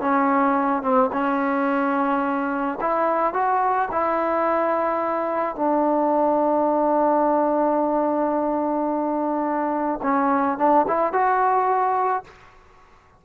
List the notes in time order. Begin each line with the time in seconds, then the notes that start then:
0.00 C#4
0.82 C4
1.12 C#4
2.81 E4
3.33 F#4
3.91 E4
5.55 D4
10.02 C#4
10.58 D4
10.87 E4
11.12 F#4